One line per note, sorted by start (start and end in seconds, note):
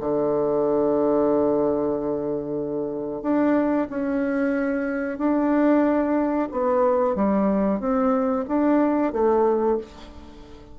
0.00 3.22 D3
3.22 3.87 D4
3.90 5.18 C#4
5.18 6.49 D4
6.51 7.15 B3
7.15 7.79 G3
7.79 8.45 C4
8.48 9.12 D4
9.12 9.78 A3